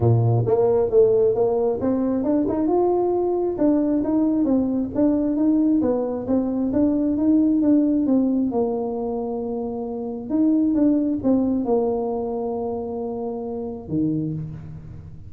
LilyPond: \new Staff \with { instrumentName = "tuba" } { \time 4/4 \tempo 4 = 134 ais,4 ais4 a4 ais4 | c'4 d'8 dis'8 f'2 | d'4 dis'4 c'4 d'4 | dis'4 b4 c'4 d'4 |
dis'4 d'4 c'4 ais4~ | ais2. dis'4 | d'4 c'4 ais2~ | ais2. dis4 | }